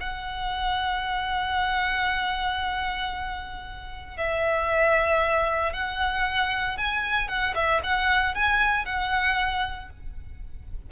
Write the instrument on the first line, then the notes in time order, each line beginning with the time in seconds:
violin
0.00 F#5
4.17 E5
5.72 F#5
6.77 G#5
7.28 F#5
7.55 E5
7.83 F#5
8.34 G#5
8.85 F#5